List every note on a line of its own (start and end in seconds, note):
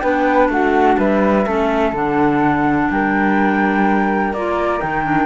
0.00 0.49 B3
0.00 1.46 D4
0.00 0.50 B4
0.00 0.48 G5
0.49 0.97 A3
0.49 0.99 F#4
0.49 0.99 F#5
0.98 1.46 G3
0.98 1.46 B4
0.98 1.95 E5
1.46 1.93 A3
1.46 1.94 C#4
1.46 2.90 A4
1.93 2.89 D3
1.93 4.35 D4
1.93 2.91 F#5
2.91 4.33 G3
2.91 5.27 A#4
2.91 4.34 G5
4.33 4.81 A#3
4.33 4.81 F4
4.33 4.81 D5
4.81 5.27 D#3
4.81 5.04 D#4
4.81 5.27 G5
5.04 5.27 D4